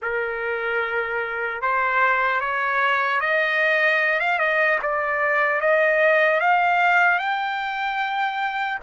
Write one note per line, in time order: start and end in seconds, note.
0.02 1.61 A#4
1.61 2.40 C5
2.40 3.20 C#5
3.20 4.20 D#5
4.20 4.38 F5
4.38 4.78 D#5
4.82 5.60 D5
5.60 6.40 D#5
6.40 7.18 F5
7.18 8.78 G5